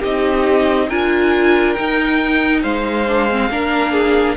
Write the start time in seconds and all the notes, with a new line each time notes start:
0.00 C4 D#4 G4 D#5
0.88 D4 F4 A#4 G#5
1.73 D#4 G5
1.80 D#4
2.62 G#3 C5 F5
3.08 D4
3.31 C4
3.51 A#3 D4 A#4
3.93 G#4